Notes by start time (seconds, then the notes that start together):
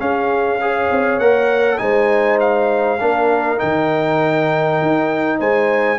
0.00 C#4 G#4 F5
0.61 G#4 C#5
0.91 C4
1.18 A#3 A#4 F#5
1.78 G#3 D#4 C5 G#5
2.40 F5
3.00 A#3 D4 A#4
3.58 D#3 D#4 G5
4.82 D#4
5.39 G#3 C5 G#5